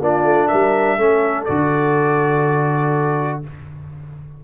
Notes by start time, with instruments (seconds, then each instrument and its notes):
0.00 tuba A#3, trombone D4, horn F4, trumpet D5
0.23 tuba A3
0.48 tuba G3, horn A#4, trumpet E5
0.98 tuba A3, trombone C#4, horn A4
1.45 tuba D3, trombone F#4, trumpet D5